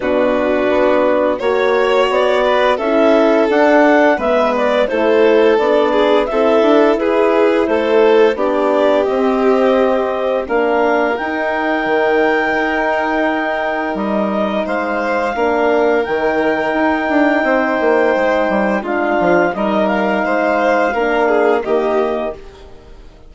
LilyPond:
<<
  \new Staff \with { instrumentName = "clarinet" } { \time 4/4 \tempo 4 = 86 b'2 cis''4 d''4 | e''4 fis''4 e''8 d''8 c''4 | d''4 e''4 b'4 c''4 | d''4 dis''2 f''4 |
g''1 | dis''4 f''2 g''4~ | g''2. f''4 | dis''8 f''2~ f''8 dis''4 | }
  \new Staff \with { instrumentName = "violin" } { \time 4/4 fis'2 cis''4. b'8 | a'2 b'4 a'4~ | a'8 gis'8 a'4 gis'4 a'4 | g'2. ais'4~ |
ais'1~ | ais'4 c''4 ais'2~ | ais'4 c''2 f'4 | ais'4 c''4 ais'8 gis'8 g'4 | }
  \new Staff \with { instrumentName = "horn" } { \time 4/4 d'2 fis'2 | e'4 d'4 b4 e'4 | d'4 e'2. | d'4 c'2 d'4 |
dis'1~ | dis'2 d'4 dis'4~ | dis'2. d'4 | dis'2 d'4 ais4 | }
  \new Staff \with { instrumentName = "bassoon" } { \time 4/4 b,4 b4 ais4 b4 | cis'4 d'4 gis4 a4 | b4 c'8 d'8 e'4 a4 | b4 c'2 ais4 |
dis'4 dis4 dis'2 | g4 gis4 ais4 dis4 | dis'8 d'8 c'8 ais8 gis8 g8 gis8 f8 | g4 gis4 ais4 dis4 | }
>>